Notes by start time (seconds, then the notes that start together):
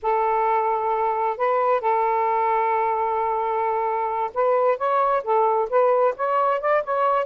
0.02 A4
1.37 B4
1.81 A4
4.34 B4
4.77 C#5
5.23 A4
5.69 B4
6.16 C#5
6.60 D5
6.83 C#5